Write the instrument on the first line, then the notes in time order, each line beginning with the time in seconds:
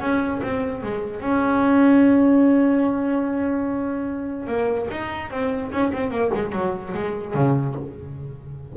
double bass
0.00 C#4
0.42 C4
0.82 G#3
1.20 C#4
4.47 A#3
4.90 D#4
5.30 C4
5.71 C#4
5.93 C4
6.10 A#3
6.34 G#3
6.52 F#3
6.93 G#3
7.34 C#3